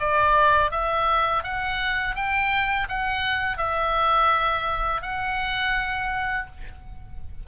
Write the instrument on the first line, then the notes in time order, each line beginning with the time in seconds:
oboe
0.00 D5
0.71 E5
1.44 F#5
2.16 G5
2.89 F#5
3.58 E5
5.02 F#5